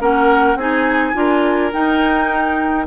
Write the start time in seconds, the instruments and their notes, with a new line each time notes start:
0.00 bassoon A#3, clarinet C#4, oboe A#4, flute F#5
0.56 bassoon C4, clarinet D#4, oboe G#4, flute G#5
1.14 bassoon D4, clarinet F4, oboe A#4
1.72 clarinet D#4, bassoon D#4, flute G5